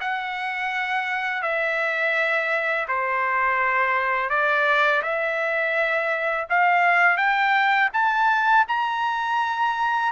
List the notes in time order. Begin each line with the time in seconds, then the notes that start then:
0.00 F#5
1.42 E5
2.88 C5
4.29 D5
5.02 E5
6.49 F5
7.17 G5
7.93 A5
8.68 A#5